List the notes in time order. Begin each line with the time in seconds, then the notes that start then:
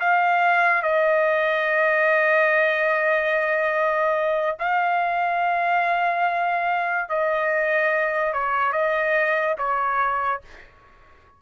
0.00 F5
0.83 D#5
4.59 F5
7.09 D#5
8.33 C#5
8.73 D#5
9.58 C#5